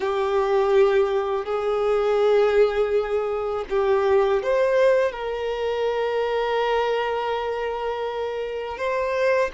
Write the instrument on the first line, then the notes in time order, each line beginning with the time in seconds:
violin
0.00 G4
1.45 G#4
3.69 G4
4.42 C5
5.12 A#4
8.77 C5